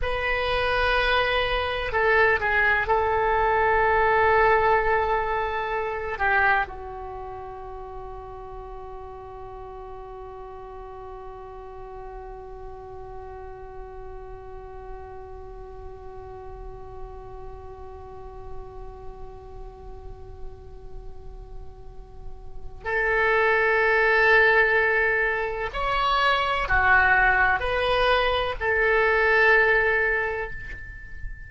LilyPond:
\new Staff \with { instrumentName = "oboe" } { \time 4/4 \tempo 4 = 63 b'2 a'8 gis'8 a'4~ | a'2~ a'8 g'8 fis'4~ | fis'1~ | fis'1~ |
fis'1~ | fis'1 | a'2. cis''4 | fis'4 b'4 a'2 | }